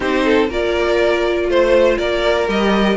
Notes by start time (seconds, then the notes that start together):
0.00 C4 D#4 G4 C5
0.24 A4
0.49 A#3 F4 A#4 D5
1.48 A3 C5
1.98 A#3 A#4 D5
2.47 G3 G4 D#5